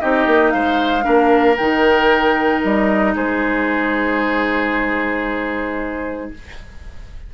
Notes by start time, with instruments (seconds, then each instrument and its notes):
0.00 bassoon C4, clarinet D#4, oboe G4, flute D#5
0.26 bassoon A#3
0.50 bassoon G#3, oboe C5, flute F5
1.02 bassoon A#3, clarinet D4, oboe A#4
1.56 bassoon D#3, clarinet D#4, flute G5
2.62 bassoon G3, flute D#5
3.15 bassoon G#3, oboe G#4, flute C5